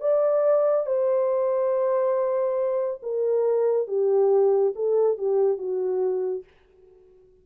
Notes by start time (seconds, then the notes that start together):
0.00 D5
0.86 C5
3.02 A#4
3.87 G4
4.75 A4
5.17 G4
5.58 F#4